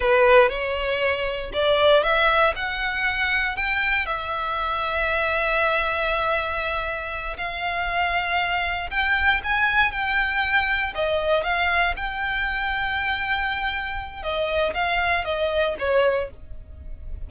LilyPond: \new Staff \with { instrumentName = "violin" } { \time 4/4 \tempo 4 = 118 b'4 cis''2 d''4 | e''4 fis''2 g''4 | e''1~ | e''2~ e''8 f''4.~ |
f''4. g''4 gis''4 g''8~ | g''4. dis''4 f''4 g''8~ | g''1 | dis''4 f''4 dis''4 cis''4 | }